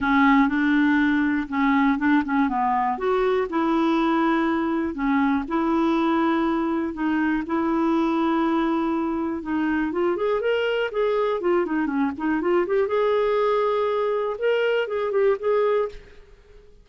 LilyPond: \new Staff \with { instrumentName = "clarinet" } { \time 4/4 \tempo 4 = 121 cis'4 d'2 cis'4 | d'8 cis'8 b4 fis'4 e'4~ | e'2 cis'4 e'4~ | e'2 dis'4 e'4~ |
e'2. dis'4 | f'8 gis'8 ais'4 gis'4 f'8 dis'8 | cis'8 dis'8 f'8 g'8 gis'2~ | gis'4 ais'4 gis'8 g'8 gis'4 | }